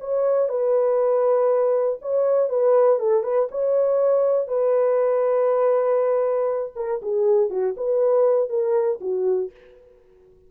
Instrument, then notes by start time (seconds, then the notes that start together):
horn
0.00 C#5
0.49 B4
2.01 C#5
2.49 B4
2.99 A4
3.23 B4
3.51 C#5
4.47 B4
6.75 A#4
7.02 G#4
7.50 F#4
7.77 B4
8.49 A#4
9.01 F#4